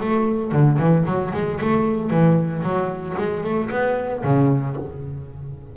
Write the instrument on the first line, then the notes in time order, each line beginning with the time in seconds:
double bass
0.00 A3
0.52 D3
0.79 E3
1.06 F#3
1.33 G#3
1.61 A3
2.10 E3
2.63 F#3
3.18 G#3
3.44 A3
3.71 B3
4.24 C#3